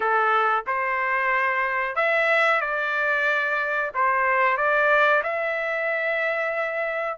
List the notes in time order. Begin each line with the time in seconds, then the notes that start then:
0.00 A4
0.66 C5
1.95 E5
2.60 D5
3.94 C5
4.57 D5
5.23 E5